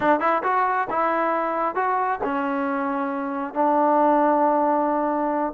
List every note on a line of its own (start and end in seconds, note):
0.00 0.20 D4
0.20 0.42 E4
0.43 0.87 F#4
0.90 1.75 E4
1.75 2.19 F#4
2.23 3.54 C#4
3.54 5.53 D4